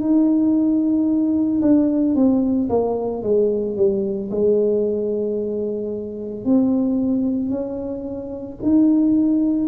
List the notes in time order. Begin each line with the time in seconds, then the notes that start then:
0.00 D#4
1.62 D4
2.15 C4
2.69 A#3
3.23 G#3
3.76 G3
4.31 G#3
6.45 C4
7.50 C#4
8.62 D#4